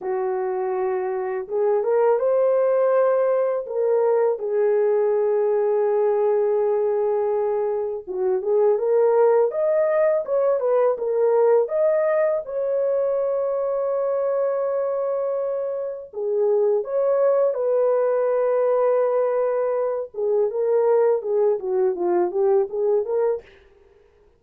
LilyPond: \new Staff \with { instrumentName = "horn" } { \time 4/4 \tempo 4 = 82 fis'2 gis'8 ais'8 c''4~ | c''4 ais'4 gis'2~ | gis'2. fis'8 gis'8 | ais'4 dis''4 cis''8 b'8 ais'4 |
dis''4 cis''2.~ | cis''2 gis'4 cis''4 | b'2.~ b'8 gis'8 | ais'4 gis'8 fis'8 f'8 g'8 gis'8 ais'8 | }